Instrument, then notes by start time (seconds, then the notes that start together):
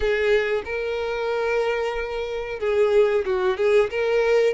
violin
0.00 G#4
0.64 A#4
2.59 G#4
3.25 F#4
3.57 G#4
3.90 A#4